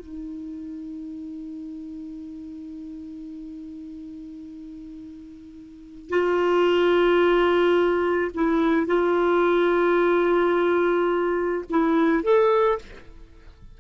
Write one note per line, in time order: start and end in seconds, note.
0.00 6.10 D#4
6.10 8.32 F4
8.35 8.87 E4
8.87 11.65 F4
11.70 12.23 E4
12.23 12.79 A4